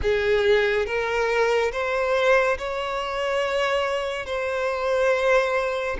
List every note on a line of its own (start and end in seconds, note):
0.02 0.86 G#4
0.86 1.71 A#4
1.71 2.57 C5
2.58 4.25 C#5
4.25 5.97 C5